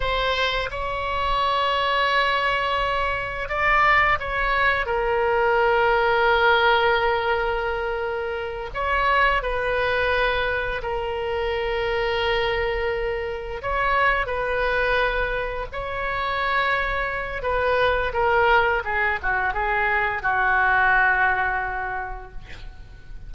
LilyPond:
\new Staff \with { instrumentName = "oboe" } { \time 4/4 \tempo 4 = 86 c''4 cis''2.~ | cis''4 d''4 cis''4 ais'4~ | ais'1~ | ais'8 cis''4 b'2 ais'8~ |
ais'2.~ ais'8 cis''8~ | cis''8 b'2 cis''4.~ | cis''4 b'4 ais'4 gis'8 fis'8 | gis'4 fis'2. | }